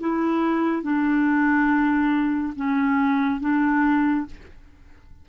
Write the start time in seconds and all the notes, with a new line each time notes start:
0.00 E4
0.83 D4
2.56 C#4
3.41 D4